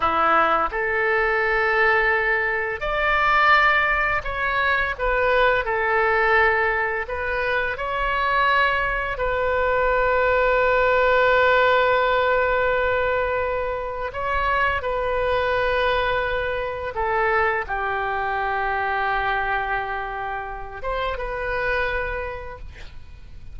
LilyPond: \new Staff \with { instrumentName = "oboe" } { \time 4/4 \tempo 4 = 85 e'4 a'2. | d''2 cis''4 b'4 | a'2 b'4 cis''4~ | cis''4 b'2.~ |
b'1 | cis''4 b'2. | a'4 g'2.~ | g'4. c''8 b'2 | }